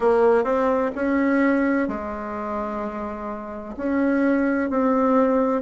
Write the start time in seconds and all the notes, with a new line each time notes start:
0.00 A#3
0.43 C4
0.95 C#4
1.87 G#3
3.76 C#4
4.70 C4